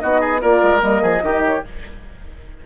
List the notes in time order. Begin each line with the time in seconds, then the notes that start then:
0.00 B3 D#4 F#4 D#5
0.21 G#4
0.41 A#3 F4 A#4 D5
0.63 G#3
0.81 G3 A#3 D#5
1.02 F3 G#4
1.23 D#3 D#4 G4
1.46 C#5